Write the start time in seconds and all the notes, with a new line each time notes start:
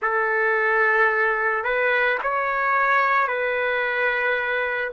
0.01 A4
1.64 B4
2.23 C#5
3.27 B4